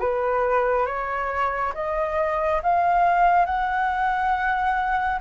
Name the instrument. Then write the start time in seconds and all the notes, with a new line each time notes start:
flute
0.00 B4
0.86 C#5
1.74 D#5
2.63 F5
3.46 F#5